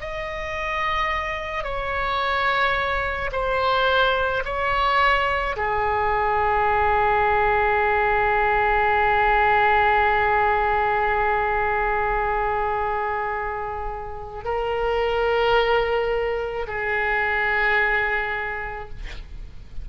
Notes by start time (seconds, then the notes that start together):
0.00 D#5
1.64 C#5
3.32 C5
4.45 C#5
5.57 G#4
14.44 A#4
16.67 G#4